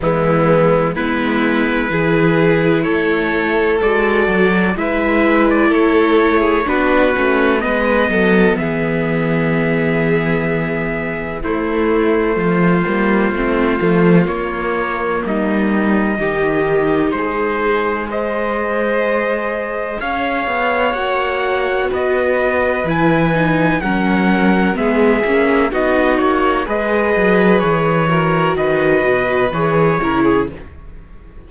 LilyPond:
<<
  \new Staff \with { instrumentName = "trumpet" } { \time 4/4 \tempo 4 = 63 e'4 b'2 cis''4 | d''4 e''8. d''16 cis''4 b'4 | dis''4 e''2. | c''2. cis''4 |
dis''2 c''4 dis''4~ | dis''4 f''4 fis''4 dis''4 | gis''4 fis''4 e''4 dis''8 cis''8 | dis''4 cis''4 dis''4 cis''4 | }
  \new Staff \with { instrumentName = "violin" } { \time 4/4 b4 e'4 gis'4 a'4~ | a'4 b'4 a'8. gis'16 fis'4 | b'8 a'8 gis'2. | e'4 f'2. |
dis'4 g'4 gis'4 c''4~ | c''4 cis''2 b'4~ | b'4 ais'4 gis'4 fis'4 | b'4. ais'8 b'4. ais'16 gis'16 | }
  \new Staff \with { instrumentName = "viola" } { \time 4/4 gis4 b4 e'2 | fis'4 e'2 d'8 cis'8 | b1 | a4. ais8 c'8 a8 ais4~ |
ais4 dis'2 gis'4~ | gis'2 fis'2 | e'8 dis'8 cis'4 b8 cis'8 dis'4 | gis'4. fis'4. gis'8 e'8 | }
  \new Staff \with { instrumentName = "cello" } { \time 4/4 e4 gis4 e4 a4 | gis8 fis8 gis4 a4 b8 a8 | gis8 fis8 e2. | a4 f8 g8 a8 f8 ais4 |
g4 dis4 gis2~ | gis4 cis'8 b8 ais4 b4 | e4 fis4 gis8 ais8 b8 ais8 | gis8 fis8 e4 dis8 b,8 e8 cis8 | }
>>